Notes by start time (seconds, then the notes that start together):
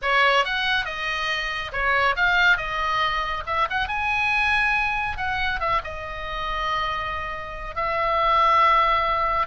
0.01 C#5
0.44 F#5
0.85 D#5
1.72 C#5
2.16 F5
2.57 D#5
3.46 E5
3.70 F#5
3.87 G#5
5.17 F#5
5.60 E5
5.84 D#5
7.75 E5